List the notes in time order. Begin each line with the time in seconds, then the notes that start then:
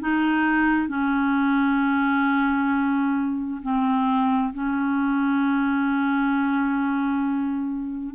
0.00 D#4
0.88 C#4
3.62 C4
4.53 C#4